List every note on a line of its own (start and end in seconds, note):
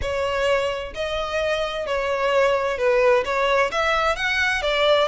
0.01 0.93 C#5
0.94 1.86 D#5
1.86 2.78 C#5
2.78 3.24 B4
3.24 3.70 C#5
3.71 4.16 E5
4.16 4.62 F#5
4.62 5.07 D5